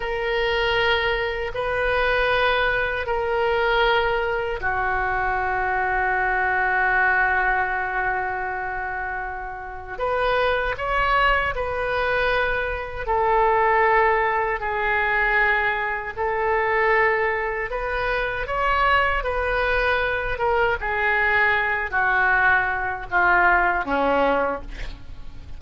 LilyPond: \new Staff \with { instrumentName = "oboe" } { \time 4/4 \tempo 4 = 78 ais'2 b'2 | ais'2 fis'2~ | fis'1~ | fis'4 b'4 cis''4 b'4~ |
b'4 a'2 gis'4~ | gis'4 a'2 b'4 | cis''4 b'4. ais'8 gis'4~ | gis'8 fis'4. f'4 cis'4 | }